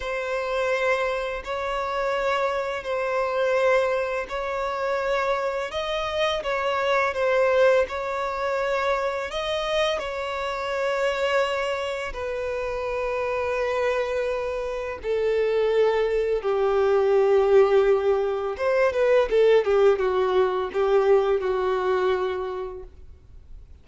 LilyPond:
\new Staff \with { instrumentName = "violin" } { \time 4/4 \tempo 4 = 84 c''2 cis''2 | c''2 cis''2 | dis''4 cis''4 c''4 cis''4~ | cis''4 dis''4 cis''2~ |
cis''4 b'2.~ | b'4 a'2 g'4~ | g'2 c''8 b'8 a'8 g'8 | fis'4 g'4 fis'2 | }